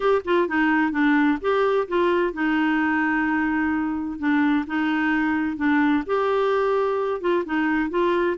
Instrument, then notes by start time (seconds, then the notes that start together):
clarinet
0.00 G4
0.24 F4
0.48 D#4
0.91 D4
1.41 G4
1.87 F4
2.33 D#4
4.18 D4
4.66 D#4
5.57 D4
6.06 G4
7.20 F4
7.45 D#4
7.90 F4